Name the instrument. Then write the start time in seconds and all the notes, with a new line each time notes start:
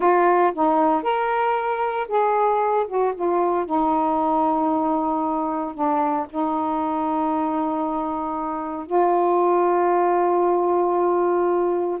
saxophone
0.00 F4
0.54 D#4
1.02 A#4
2.08 G#4
2.87 F#4
3.15 F4
3.65 D#4
5.74 D4
6.29 D#4
8.86 F4